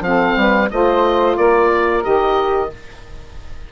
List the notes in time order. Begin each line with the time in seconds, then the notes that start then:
0.00 F3 C4 A4 F5
0.37 G3 B4
0.70 A3 F4 C5 D#5
1.37 A#3 A#4 D5
2.02 D#3 G4 D#5